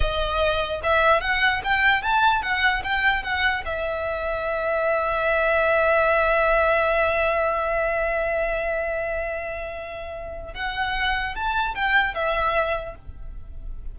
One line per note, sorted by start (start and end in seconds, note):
0.00 0.81 D#5
0.83 1.21 E5
1.21 1.61 F#5
1.64 2.02 G5
2.02 2.42 A5
2.42 2.82 F#5
2.83 3.23 G5
3.23 3.64 F#5
3.65 10.54 E5
10.54 11.35 F#5
11.35 11.74 A5
11.74 12.14 G5
12.14 12.95 E5